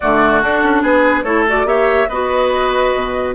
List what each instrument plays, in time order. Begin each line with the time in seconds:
0.00 bassoon D3, clarinet A3, oboe F#4, flute D5
0.42 bassoon D4, clarinet D4, flute A4
0.62 bassoon C#4
0.82 bassoon B3, oboe G#4, flute B4
1.23 bassoon A3, clarinet E4, oboe A4, flute C#5
1.47 clarinet F#4, flute D5
1.65 bassoon A#3, clarinet G4, oboe C#5, flute E5
2.08 bassoon B3, clarinet F#4, oboe B4, flute D#5
2.93 bassoon B2